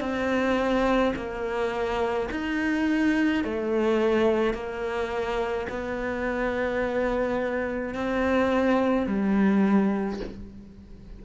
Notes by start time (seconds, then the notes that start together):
0.00 C4
1.16 A#3
2.31 D#4
3.44 A3
4.53 A#3
5.69 B3
7.95 C4
9.06 G3